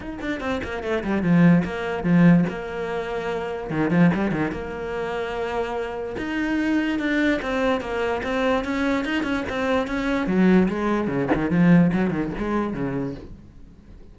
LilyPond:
\new Staff \with { instrumentName = "cello" } { \time 4/4 \tempo 4 = 146 dis'8 d'8 c'8 ais8 a8 g8 f4 | ais4 f4 ais2~ | ais4 dis8 f8 g8 dis8 ais4~ | ais2. dis'4~ |
dis'4 d'4 c'4 ais4 | c'4 cis'4 dis'8 cis'8 c'4 | cis'4 fis4 gis4 cis8 dis8 | f4 fis8 dis8 gis4 cis4 | }